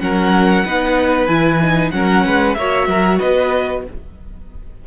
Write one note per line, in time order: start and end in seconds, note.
0.00 0.65 F#3
0.00 0.64 C#4
0.00 0.64 A#4
0.00 1.27 F#5
0.64 1.28 B3
0.64 1.29 D#4
0.64 1.92 B4
1.27 1.91 E3
1.27 1.61 E4
1.27 1.90 G#5
1.61 1.93 D#4
1.91 2.26 F#3
1.91 2.57 C#4
1.91 2.26 A#4
1.91 2.54 F#5
2.26 2.56 G#3
2.26 2.58 B4
2.54 2.87 A#3
2.54 3.86 F#4
2.54 2.88 C#5
2.54 3.18 E5
2.87 3.19 F#3
2.87 3.19 A#4
3.19 3.87 B3
3.19 3.83 B4
3.19 3.84 D#5